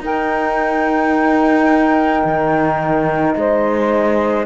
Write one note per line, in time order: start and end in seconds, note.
0.00 2.22 D#4
0.00 4.46 D#4
0.00 3.37 A#4
0.00 3.34 G5
2.24 3.35 D#3
3.34 4.46 G#3
3.34 4.46 C5
3.34 4.45 D#5